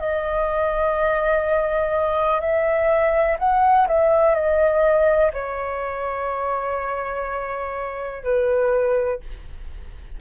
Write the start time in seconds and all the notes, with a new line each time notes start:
0.00 D#5
2.41 E5
3.39 F#5
3.88 E5
4.35 D#5
5.33 C#5
8.23 B4